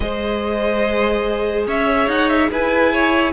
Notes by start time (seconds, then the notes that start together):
0.00 G#3 G#4 C5 D#5
1.66 C#4 C#5 E5
2.06 D#4 F#5
2.28 E5
2.51 E4 B4 G#5
2.92 C#5